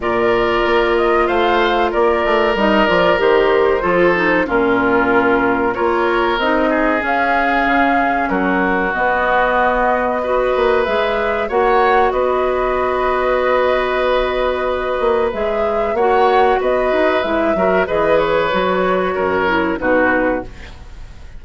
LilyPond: <<
  \new Staff \with { instrumentName = "flute" } { \time 4/4 \tempo 4 = 94 d''4. dis''8 f''4 d''4 | dis''8 d''8 c''2 ais'4~ | ais'4 cis''4 dis''4 f''4~ | f''4 ais'4 dis''2~ |
dis''4 e''4 fis''4 dis''4~ | dis''1 | e''4 fis''4 dis''4 e''4 | dis''8 cis''2~ cis''8 b'4 | }
  \new Staff \with { instrumentName = "oboe" } { \time 4/4 ais'2 c''4 ais'4~ | ais'2 a'4 f'4~ | f'4 ais'4. gis'4.~ | gis'4 fis'2. |
b'2 cis''4 b'4~ | b'1~ | b'4 cis''4 b'4. ais'8 | b'2 ais'4 fis'4 | }
  \new Staff \with { instrumentName = "clarinet" } { \time 4/4 f'1 | dis'8 f'8 g'4 f'8 dis'8 cis'4~ | cis'4 f'4 dis'4 cis'4~ | cis'2 b2 |
fis'4 gis'4 fis'2~ | fis'1 | gis'4 fis'2 e'8 fis'8 | gis'4 fis'4. e'8 dis'4 | }
  \new Staff \with { instrumentName = "bassoon" } { \time 4/4 ais,4 ais4 a4 ais8 a8 | g8 f8 dis4 f4 ais,4~ | ais,4 ais4 c'4 cis'4 | cis4 fis4 b2~ |
b8 ais8 gis4 ais4 b4~ | b2.~ b8 ais8 | gis4 ais4 b8 dis'8 gis8 fis8 | e4 fis4 fis,4 b,4 | }
>>